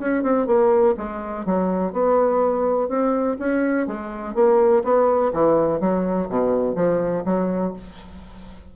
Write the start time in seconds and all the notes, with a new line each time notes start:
0.00 C#4
0.23 C4
0.47 A#3
0.97 G#3
1.46 F#3
1.93 B3
2.89 C4
3.39 C#4
3.88 G#3
4.35 A#3
4.84 B3
5.33 E3
5.81 F#3
6.29 B2
6.76 F3
7.26 F#3